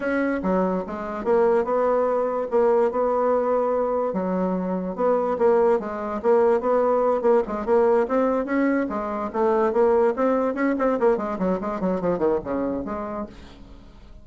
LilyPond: \new Staff \with { instrumentName = "bassoon" } { \time 4/4 \tempo 4 = 145 cis'4 fis4 gis4 ais4 | b2 ais4 b4~ | b2 fis2 | b4 ais4 gis4 ais4 |
b4. ais8 gis8 ais4 c'8~ | c'8 cis'4 gis4 a4 ais8~ | ais8 c'4 cis'8 c'8 ais8 gis8 fis8 | gis8 fis8 f8 dis8 cis4 gis4 | }